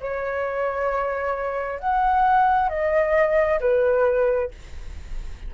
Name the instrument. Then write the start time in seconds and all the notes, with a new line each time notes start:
flute
0.00 C#5
1.79 F#5
2.69 D#5
3.60 B4